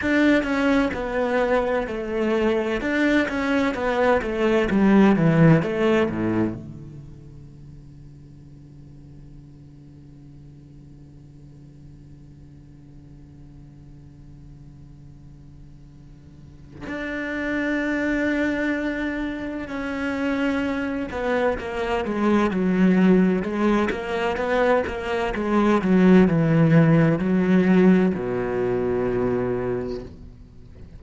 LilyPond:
\new Staff \with { instrumentName = "cello" } { \time 4/4 \tempo 4 = 64 d'8 cis'8 b4 a4 d'8 cis'8 | b8 a8 g8 e8 a8 a,8 d4~ | d1~ | d1~ |
d2 d'2~ | d'4 cis'4. b8 ais8 gis8 | fis4 gis8 ais8 b8 ais8 gis8 fis8 | e4 fis4 b,2 | }